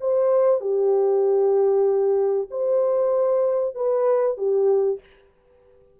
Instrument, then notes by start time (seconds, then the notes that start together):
horn
0.00 C5
0.61 G4
2.50 C5
3.75 B4
4.37 G4